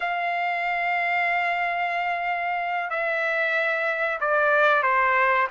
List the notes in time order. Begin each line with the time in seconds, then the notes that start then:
0.00 F5
2.90 E5
4.20 D5
4.82 C5